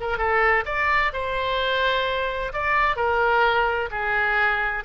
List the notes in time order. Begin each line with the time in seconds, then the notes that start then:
0.00 A#4
0.18 A4
0.65 D5
1.13 C5
2.53 D5
2.96 A#4
3.91 G#4